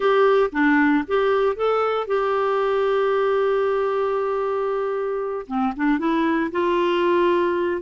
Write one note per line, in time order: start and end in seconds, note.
0.00 0.50 G4
0.52 1.04 D4
1.07 1.56 G4
1.56 2.07 A4
2.07 5.46 G4
5.47 5.73 C4
5.76 5.98 D4
5.98 6.51 E4
6.51 7.81 F4